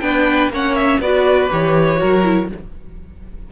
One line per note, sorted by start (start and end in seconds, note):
0.00 0.49 B3
0.00 0.51 D4
0.00 0.52 B4
0.00 0.49 G5
0.49 0.98 A#3
0.49 1.02 C#4
0.49 1.01 C#5
0.49 0.75 F#5
0.75 1.00 E5
1.00 1.49 B3
1.00 1.50 F#4
1.00 1.99 B4
1.00 1.50 D5
1.50 2.02 E3
1.50 1.97 G4
1.50 2.50 C#5
1.97 2.52 F#3
1.97 2.21 F#4
1.97 2.49 A#4
2.24 2.48 E4